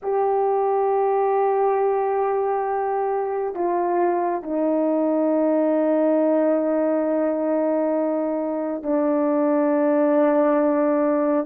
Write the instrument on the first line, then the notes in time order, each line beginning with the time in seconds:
horn
0.02 G4
3.54 F4
4.42 D#4
8.82 D4